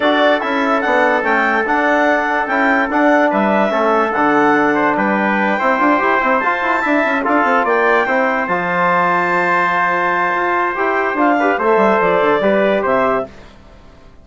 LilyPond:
<<
  \new Staff \with { instrumentName = "clarinet" } { \time 4/4 \tempo 4 = 145 d''4 e''4 fis''4 g''4 | fis''2 g''4 fis''4 | e''2 fis''2 | g''2.~ g''8 a''8~ |
a''4. f''4 g''4.~ | g''8 a''2.~ a''8~ | a''2 g''4 f''4 | e''4 d''2 e''4 | }
  \new Staff \with { instrumentName = "trumpet" } { \time 4/4 a'1~ | a'1 | b'4 a'2~ a'8 c''8 | b'4. c''2~ c''8~ |
c''8 e''4 a'4 d''4 c''8~ | c''1~ | c''2.~ c''8 b'8 | c''2 b'4 c''4 | }
  \new Staff \with { instrumentName = "trombone" } { \time 4/4 fis'4 e'4 d'4 cis'4 | d'2 e'4 d'4~ | d'4 cis'4 d'2~ | d'4. e'8 f'8 g'8 e'8 f'8~ |
f'8 e'4 f'2 e'8~ | e'8 f'2.~ f'8~ | f'2 g'4 f'8 g'8 | a'2 g'2 | }
  \new Staff \with { instrumentName = "bassoon" } { \time 4/4 d'4 cis'4 b4 a4 | d'2 cis'4 d'4 | g4 a4 d2 | g4. c'8 d'8 e'8 c'8 f'8 |
e'8 d'8 cis'8 d'8 c'8 ais4 c'8~ | c'8 f2.~ f8~ | f4 f'4 e'4 d'4 | a8 g8 f8 d8 g4 c4 | }
>>